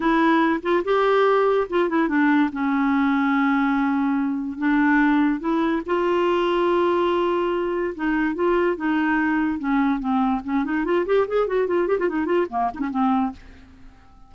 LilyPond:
\new Staff \with { instrumentName = "clarinet" } { \time 4/4 \tempo 4 = 144 e'4. f'8 g'2 | f'8 e'8 d'4 cis'2~ | cis'2. d'4~ | d'4 e'4 f'2~ |
f'2. dis'4 | f'4 dis'2 cis'4 | c'4 cis'8 dis'8 f'8 g'8 gis'8 fis'8 | f'8 g'16 f'16 dis'8 f'8 ais8 dis'16 cis'16 c'4 | }